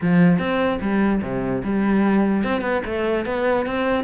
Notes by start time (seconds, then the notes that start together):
0.01 F3
0.39 C4
0.81 G3
1.22 C3
1.63 G3
2.43 C4
2.61 B3
2.85 A3
3.25 B3
3.66 C4